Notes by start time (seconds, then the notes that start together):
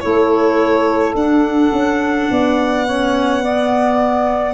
0.00 A3 E4 A4 C#5
1.15 D4 F#5
1.72 C#4
2.31 B3 D5
2.87 C#4 C#5
3.42 B3 D5